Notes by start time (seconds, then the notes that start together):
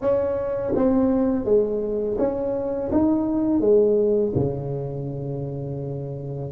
0.01 C#4
0.75 C4
1.45 G#3
2.18 C#4
2.91 D#4
3.60 G#3
4.35 C#3